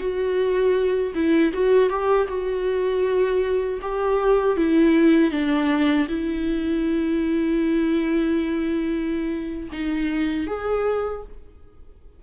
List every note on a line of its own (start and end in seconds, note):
0.00 1.14 F#4
1.15 1.53 E4
1.54 1.90 F#4
1.90 2.28 G4
2.29 3.80 F#4
3.82 4.57 G4
4.57 5.32 E4
5.32 6.08 D4
6.09 9.70 E4
9.72 10.47 D#4
10.47 11.23 G#4